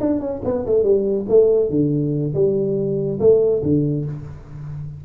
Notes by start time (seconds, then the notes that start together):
0.00 D4
0.20 C#4
0.44 B3
0.66 A3
0.83 G3
1.29 A3
1.70 D3
2.34 G3
3.20 A3
3.62 D3